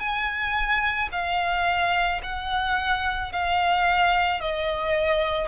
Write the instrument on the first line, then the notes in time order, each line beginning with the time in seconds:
violin
0.00 G#5
1.12 F5
2.23 F#5
3.32 F5
4.41 D#5